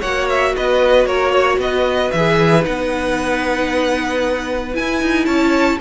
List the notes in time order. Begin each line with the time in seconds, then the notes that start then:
0.00 A#3 F#4 C#5 F#5
0.30 E5
0.57 B3 B4 D#5
1.06 A#3 A#4 C#5
1.33 C#5
1.58 B3 B4 D#5
2.12 E3 G#4 E5
2.61 D#4 F#5
2.67 B3
4.74 E4 G#5
5.02 D#4
5.26 C#4 C#5 A5